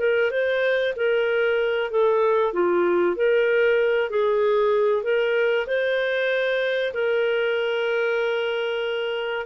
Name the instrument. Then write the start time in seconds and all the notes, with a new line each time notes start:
clarinet
0.00 A#4
0.31 C5
0.96 A#4
1.91 A4
2.53 F4
3.16 A#4
4.11 G#4
5.04 A#4
5.67 C5
6.94 A#4